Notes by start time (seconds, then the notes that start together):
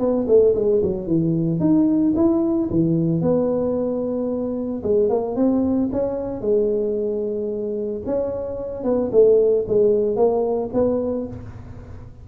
0.00 B3
0.28 A3
0.56 G#3
0.83 F#3
1.07 E3
1.60 D#4
2.16 E4
2.71 E3
3.22 B3
4.83 G#3
5.10 A#3
5.36 C4
5.93 C#4
6.41 G#3
8.06 C#4
8.84 B3
9.12 A3
9.68 G#3
10.17 A#3
10.74 B3